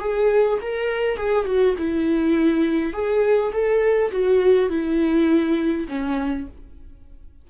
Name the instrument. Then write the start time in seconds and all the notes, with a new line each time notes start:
viola
0.00 G#4
0.62 A#4
1.17 G#4
1.46 F#4
1.78 E4
2.94 G#4
3.52 A4
4.11 F#4
4.70 E4
5.89 C#4